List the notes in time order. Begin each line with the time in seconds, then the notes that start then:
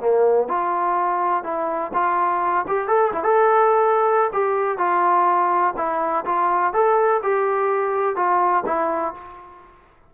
0.00 A#3
0.48 F4
1.44 E4
1.94 F4
2.67 G4
2.87 A4
3.12 E4
3.23 A4
4.32 G4
4.78 F4
5.76 E4
6.25 F4
6.73 A4
7.22 G4
8.16 F4
8.66 E4